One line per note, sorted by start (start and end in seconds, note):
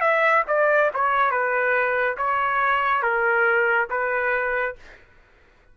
0.00 0.43 E5
0.48 0.90 D5
0.94 1.31 C#5
1.31 2.16 B4
2.17 3.02 C#5
3.02 3.88 A#4
3.90 4.75 B4